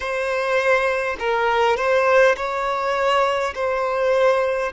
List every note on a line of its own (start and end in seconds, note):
0.00 1.17 C5
1.19 1.76 A#4
1.76 2.35 C5
2.36 3.53 C#5
3.55 4.72 C5